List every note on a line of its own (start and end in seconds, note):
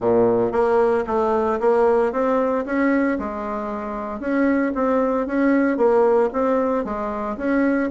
0.00 0.51 A#2
0.51 1.04 A#3
1.06 1.59 A3
1.60 2.12 A#3
2.12 2.65 C4
2.65 3.18 C#4
3.18 4.20 G#3
4.20 4.72 C#4
4.75 5.27 C4
5.27 5.77 C#4
5.77 6.29 A#3
6.32 6.84 C4
6.84 7.37 G#3
7.37 7.89 C#4